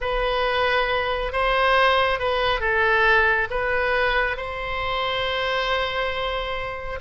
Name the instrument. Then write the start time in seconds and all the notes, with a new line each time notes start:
oboe
0.00 B4
1.32 C5
2.19 B4
2.60 A4
3.50 B4
4.36 C5